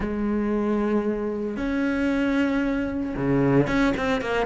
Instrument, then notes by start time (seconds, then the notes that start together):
cello
0.00 G#3
1.56 C#4
3.16 C#3
3.67 C#4
3.96 C4
4.21 A#3